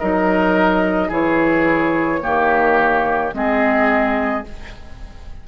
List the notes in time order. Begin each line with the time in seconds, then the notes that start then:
0.00 F#3 D#4 A#4 D#5
1.09 E3 E4 G#4 C#5
2.21 D#3 A#3 G4
3.33 G#3 C4 G#4 D#5